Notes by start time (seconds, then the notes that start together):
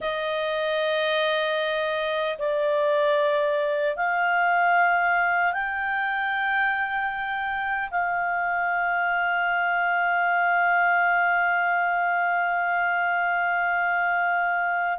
0.00 D#5
2.38 D5
3.96 F5
5.53 G5
7.90 F5